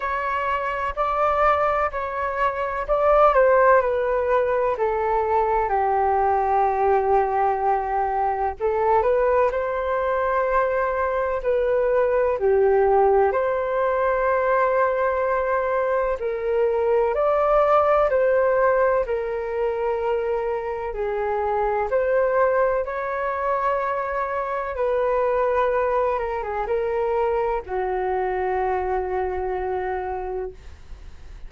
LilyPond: \new Staff \with { instrumentName = "flute" } { \time 4/4 \tempo 4 = 63 cis''4 d''4 cis''4 d''8 c''8 | b'4 a'4 g'2~ | g'4 a'8 b'8 c''2 | b'4 g'4 c''2~ |
c''4 ais'4 d''4 c''4 | ais'2 gis'4 c''4 | cis''2 b'4. ais'16 gis'16 | ais'4 fis'2. | }